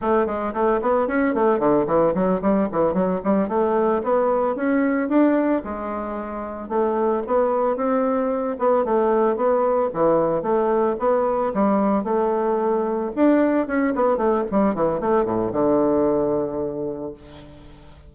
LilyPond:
\new Staff \with { instrumentName = "bassoon" } { \time 4/4 \tempo 4 = 112 a8 gis8 a8 b8 cis'8 a8 d8 e8 | fis8 g8 e8 fis8 g8 a4 b8~ | b8 cis'4 d'4 gis4.~ | gis8 a4 b4 c'4. |
b8 a4 b4 e4 a8~ | a8 b4 g4 a4.~ | a8 d'4 cis'8 b8 a8 g8 e8 | a8 a,8 d2. | }